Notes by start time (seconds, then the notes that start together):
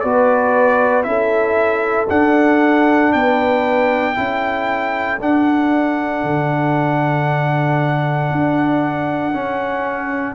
0.00 B3 F#4 B4 D5
1.04 C#4 E4 A4 E5
2.10 D4 F#5
3.13 B3 B4 G5
4.14 C#4 E4 A4
5.21 D4 F#5
6.24 D3
8.32 D4
9.33 C#4